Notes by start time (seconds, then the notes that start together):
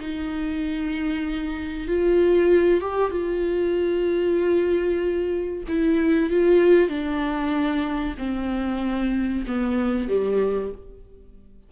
0.00 D#4
1.88 F4
2.81 G4
3.11 F4
5.68 E4
6.30 F4
6.89 D4
8.18 C4
9.47 B3
10.09 G3